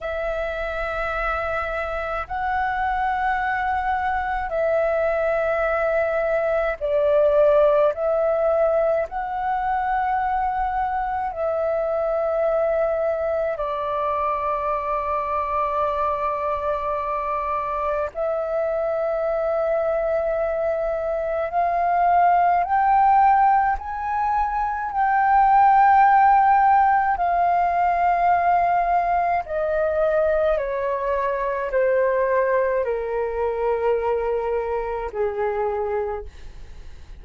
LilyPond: \new Staff \with { instrumentName = "flute" } { \time 4/4 \tempo 4 = 53 e''2 fis''2 | e''2 d''4 e''4 | fis''2 e''2 | d''1 |
e''2. f''4 | g''4 gis''4 g''2 | f''2 dis''4 cis''4 | c''4 ais'2 gis'4 | }